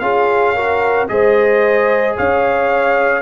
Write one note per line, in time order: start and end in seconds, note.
0.00 1.08 C#4
0.00 0.56 F4
0.00 0.56 G#4
0.00 1.07 F5
0.56 1.09 F#4
0.56 1.09 A#4
1.09 2.18 G#3
1.09 3.23 G#4
1.09 2.17 C5
1.09 2.16 D#5
2.17 3.23 C#4
2.17 3.23 C#5
2.17 3.23 F5